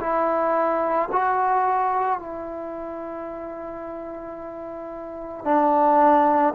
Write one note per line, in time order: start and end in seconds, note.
0.00 1.09 E4
1.12 2.19 F#4
2.19 5.44 E4
5.44 6.54 D4